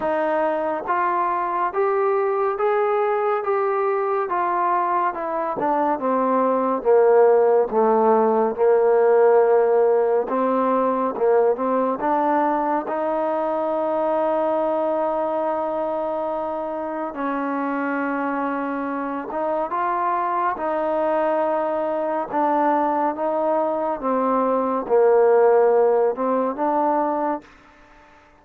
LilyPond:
\new Staff \with { instrumentName = "trombone" } { \time 4/4 \tempo 4 = 70 dis'4 f'4 g'4 gis'4 | g'4 f'4 e'8 d'8 c'4 | ais4 a4 ais2 | c'4 ais8 c'8 d'4 dis'4~ |
dis'1 | cis'2~ cis'8 dis'8 f'4 | dis'2 d'4 dis'4 | c'4 ais4. c'8 d'4 | }